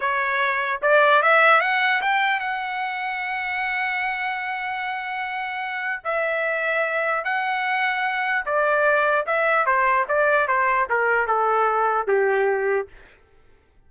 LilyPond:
\new Staff \with { instrumentName = "trumpet" } { \time 4/4 \tempo 4 = 149 cis''2 d''4 e''4 | fis''4 g''4 fis''2~ | fis''1~ | fis''2. e''4~ |
e''2 fis''2~ | fis''4 d''2 e''4 | c''4 d''4 c''4 ais'4 | a'2 g'2 | }